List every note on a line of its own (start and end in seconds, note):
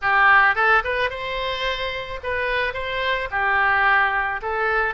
0.01 0.55 G4
0.55 0.83 A4
0.84 1.10 B4
1.10 2.20 C5
2.23 2.73 B4
2.73 3.29 C5
3.30 4.40 G4
4.42 4.94 A4